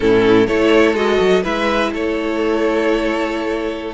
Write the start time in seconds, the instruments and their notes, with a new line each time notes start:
0.00 cello A2, viola C#4, violin E4 A4
0.47 cello A3, viola E4, violin A4 C#5
0.94 cello G#3, viola F#4, violin D#5
1.20 cello F#3
1.43 cello G#3, viola E4, violin B4 E5
1.93 cello A3, violin A4 C#5